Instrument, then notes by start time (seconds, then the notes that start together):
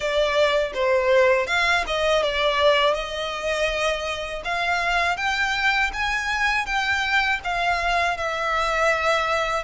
violin
0.00 D5
0.73 C5
1.46 F5
1.86 D#5
2.23 D5
2.94 D#5
4.44 F5
5.16 G5
5.93 G#5
6.66 G5
7.43 F5
8.17 E5